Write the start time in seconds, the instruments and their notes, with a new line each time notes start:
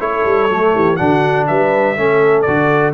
0.00 tuba A3, trombone E4, horn A4, trumpet C#5
0.25 tuba G3
0.50 tuba F#3, trombone A3
0.75 tuba E3, horn G4
0.97 tuba D3, trombone D4, horn F#4, trumpet F#5
1.47 tuba G3, horn B4, trumpet E5
1.96 tuba A3, trombone C#4, horn A4
2.42 tuba D3, trombone F#4, trumpet D5